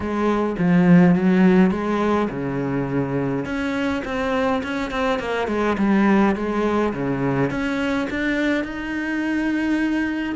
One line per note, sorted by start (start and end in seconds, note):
0.00 0.56 G#3
0.58 1.15 F3
1.15 1.70 F#3
1.70 2.28 G#3
2.29 3.45 C#3
3.45 4.03 C#4
4.04 4.62 C4
4.63 4.90 C#4
4.90 5.19 C4
5.19 5.47 A#3
5.47 5.76 G#3
5.78 6.35 G3
6.35 6.93 G#3
6.93 7.50 C#3
7.50 8.08 C#4
8.10 8.64 D4
8.64 10.35 D#4